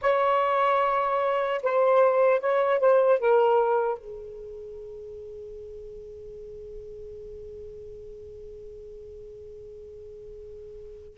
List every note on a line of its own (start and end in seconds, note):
0.01 1.61 C#5
1.62 2.40 C5
2.40 2.79 C#5
2.79 3.19 C5
3.19 3.98 A#4
3.98 11.18 G#4